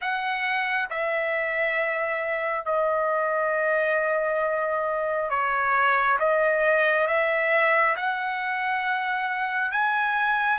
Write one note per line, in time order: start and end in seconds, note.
0.01 0.89 F#5
0.89 2.65 E5
2.65 5.29 D#5
5.29 6.18 C#5
6.19 7.07 D#5
7.07 7.95 E5
7.96 9.71 F#5
9.71 10.58 G#5